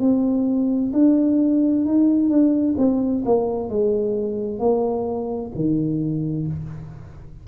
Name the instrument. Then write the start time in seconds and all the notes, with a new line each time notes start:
tuba
0.00 C4
0.93 D4
1.85 D#4
2.30 D4
2.78 C4
3.26 A#3
3.70 G#3
4.59 A#3
5.56 D#3